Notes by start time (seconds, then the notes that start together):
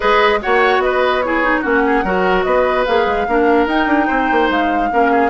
0.00 G#3 G#4 B4 D#5
0.41 A#3 F#4 C#5 F#5
0.78 B3 D#5
0.84 B4
1.21 E4 G#4 C#5
1.43 D#4
1.61 A#3 C#4 F#4 F#5
1.86 G#4
2.03 F#3 F#4 A#4
2.43 B3 B4 D#5
2.85 A#3 G#4 F5
3.06 G#3
3.27 A#3 D4 A#4
3.66 D#4 G5
3.86 D4
4.07 C4 C5
4.31 A#3
4.49 G#3 F5
4.91 A#3 C#4 A#4
5.11 G#4